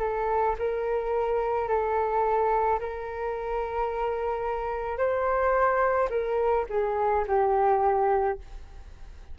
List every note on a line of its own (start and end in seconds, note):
0.00 0.56 A4
0.59 1.69 A#4
1.69 2.80 A4
2.80 4.98 A#4
4.98 6.09 C5
6.10 6.66 A#4
6.70 7.25 G#4
7.28 8.39 G4